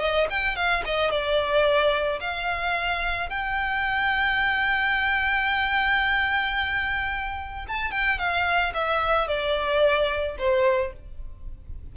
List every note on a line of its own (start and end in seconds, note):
0.00 0.27 D#5
0.30 0.56 G5
0.56 0.83 F5
0.86 1.11 D#5
1.11 2.20 D5
2.21 3.30 F5
3.30 7.66 G5
7.68 7.91 A5
7.91 8.18 G5
8.18 8.73 F5
8.74 9.28 E5
9.28 10.37 D5
10.38 10.93 C5